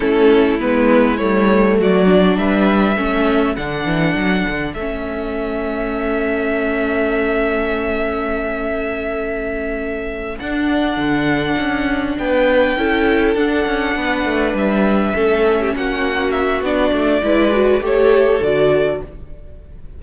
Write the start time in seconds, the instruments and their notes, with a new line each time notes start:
0.00 cello A3, viola C#4, violin E4 A4
0.59 cello G#3, viola B3, violin B4
1.17 cello G3, viola A3, violin C#5
1.78 cello F#3, violin F#4 D5
2.06 viola D4
2.37 cello G3, violin B4 E5
2.96 cello A3, viola C#4, violin A4
3.55 cello D3, viola D4, violin F#5
3.85 cello E3
4.15 cello F#3
4.48 cello D3
4.74 cello A3, viola C#4, violin E5
10.39 cello D4, viola D4, violin F#5
10.96 cello D3
11.57 cello C#4
12.17 cello B3, violin B4 G5
12.76 cello C#4, viola E4, violin A4
13.35 cello D4, viola D4, violin F#5
13.65 cello C#4
13.95 cello B3, violin B4
14.25 cello A3
14.53 cello G3, violin E5
15.14 cello A3, viola C#4, violin A4
15.60 violin G4
15.75 cello A#3, violin F#4 F#5
16.31 violin E5
16.61 cello B3, viola D4, violin D5
16.92 cello A3
17.22 cello G#3, viola E4, violin B4
17.51 viola F#4
17.80 cello A3, viola G4, violin A4 C#5
18.41 cello D3, viola F#4, violin D5